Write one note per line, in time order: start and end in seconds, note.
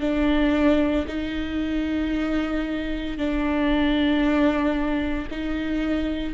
0.00 1.05 D4
1.07 3.17 D#4
3.17 5.28 D4
5.30 6.33 D#4